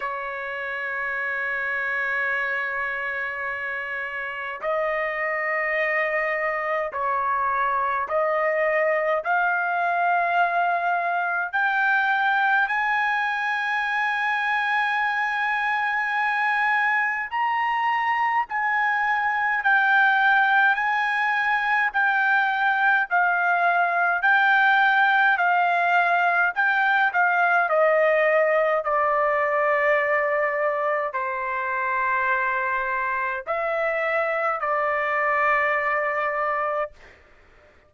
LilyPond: \new Staff \with { instrumentName = "trumpet" } { \time 4/4 \tempo 4 = 52 cis''1 | dis''2 cis''4 dis''4 | f''2 g''4 gis''4~ | gis''2. ais''4 |
gis''4 g''4 gis''4 g''4 | f''4 g''4 f''4 g''8 f''8 | dis''4 d''2 c''4~ | c''4 e''4 d''2 | }